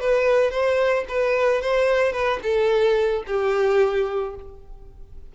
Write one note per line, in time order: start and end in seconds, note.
0.00 0.51 B4
0.51 1.05 C5
1.09 1.62 B4
1.62 2.13 C5
2.13 2.40 B4
2.43 3.24 A4
3.27 4.35 G4